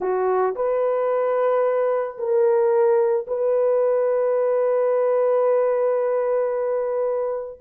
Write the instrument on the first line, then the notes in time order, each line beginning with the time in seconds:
horn
0.00 F#4
0.55 B4
2.18 A#4
3.27 B4